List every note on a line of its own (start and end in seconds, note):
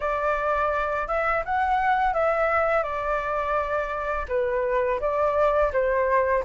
0.00 1.07 D5
1.07 1.43 E5
1.44 2.13 F#5
2.13 2.83 E5
2.83 4.26 D5
4.28 5.00 B4
5.00 5.71 D5
5.72 6.44 C5